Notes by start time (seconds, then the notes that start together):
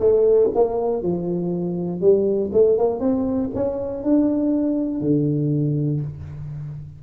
0.00 A3
0.55 A#3
1.02 F3
2.01 G3
2.53 A3
2.78 A#3
3.00 C4
3.55 C#4
4.04 D4
5.01 D3